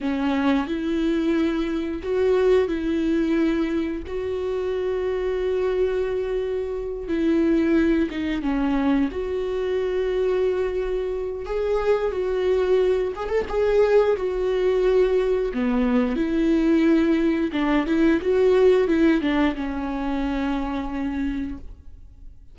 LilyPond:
\new Staff \with { instrumentName = "viola" } { \time 4/4 \tempo 4 = 89 cis'4 e'2 fis'4 | e'2 fis'2~ | fis'2~ fis'8 e'4. | dis'8 cis'4 fis'2~ fis'8~ |
fis'4 gis'4 fis'4. gis'16 a'16 | gis'4 fis'2 b4 | e'2 d'8 e'8 fis'4 | e'8 d'8 cis'2. | }